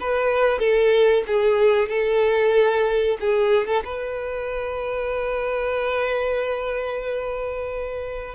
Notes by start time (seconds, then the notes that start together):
0.00 B4
0.59 A4
1.27 G#4
1.88 A4
3.20 G#4
3.67 A4
3.84 B4